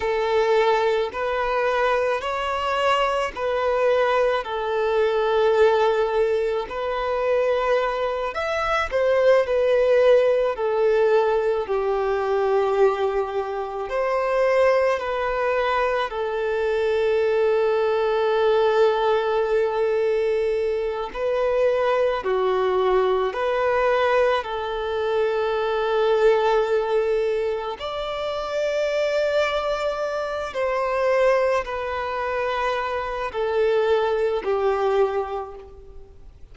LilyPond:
\new Staff \with { instrumentName = "violin" } { \time 4/4 \tempo 4 = 54 a'4 b'4 cis''4 b'4 | a'2 b'4. e''8 | c''8 b'4 a'4 g'4.~ | g'8 c''4 b'4 a'4.~ |
a'2. b'4 | fis'4 b'4 a'2~ | a'4 d''2~ d''8 c''8~ | c''8 b'4. a'4 g'4 | }